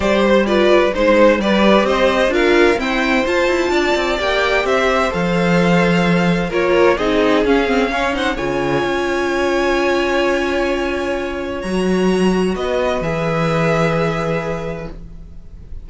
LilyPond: <<
  \new Staff \with { instrumentName = "violin" } { \time 4/4 \tempo 4 = 129 d''8 c''8 d''4 c''4 d''4 | dis''4 f''4 g''4 a''4~ | a''4 g''4 e''4 f''4~ | f''2 cis''4 dis''4 |
f''4. fis''8 gis''2~ | gis''1~ | gis''4 ais''2 dis''4 | e''1 | }
  \new Staff \with { instrumentName = "violin" } { \time 4/4 c''4 b'4 c''4 b'4 | c''4 ais'4 c''2 | d''2 c''2~ | c''2 ais'4 gis'4~ |
gis'4 cis''8 c''8 cis''2~ | cis''1~ | cis''2. b'4~ | b'1 | }
  \new Staff \with { instrumentName = "viola" } { \time 4/4 g'4 f'4 dis'4 g'4~ | g'4 f'4 c'4 f'4~ | f'4 g'2 a'4~ | a'2 f'4 dis'4 |
cis'8 c'8 cis'8 dis'8 f'2~ | f'1~ | f'4 fis'2. | gis'1 | }
  \new Staff \with { instrumentName = "cello" } { \time 4/4 g2 gis4 g4 | c'4 d'4 e'4 f'8 e'8 | d'8 c'8 ais4 c'4 f4~ | f2 ais4 c'4 |
cis'2 cis4 cis'4~ | cis'1~ | cis'4 fis2 b4 | e1 | }
>>